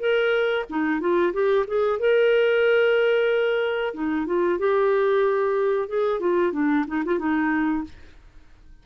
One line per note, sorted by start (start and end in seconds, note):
0.00 0.65 A#4
0.70 1.01 D#4
1.01 1.33 F4
1.34 1.66 G4
1.68 2.00 G#4
2.00 3.95 A#4
3.95 4.27 D#4
4.27 4.59 F4
4.59 5.89 G4
5.89 6.21 G#4
6.21 6.53 F4
6.53 6.86 D4
6.88 7.04 D#4
7.06 7.19 F4
7.19 7.85 D#4